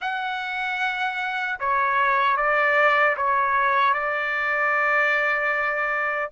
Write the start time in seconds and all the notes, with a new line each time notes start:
0.01 F#5
1.59 C#5
2.36 D5
3.17 C#5
3.93 D5